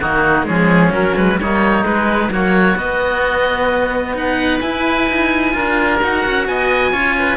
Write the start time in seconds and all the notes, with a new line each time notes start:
0.00 D#3 A#3 D#4 F#4
0.44 F3 G#3 C#4 G#4
0.92 F#3 A#4
1.17 G#3 B4
1.38 G3 A#3 D#4 C#5
1.84 G#3 B4
2.29 F#3 A#3 F#4 C#5
2.76 B3 D#5
4.15 D#4 B4 F#5
4.60 E4 G#5
5.09 D#4
5.52 D4 F4 A#4
6.02 D#4 F#4 F#5
6.26 C#4
6.47 B3 D#5 G#5
6.92 C#4 F4 C#5
7.19 B4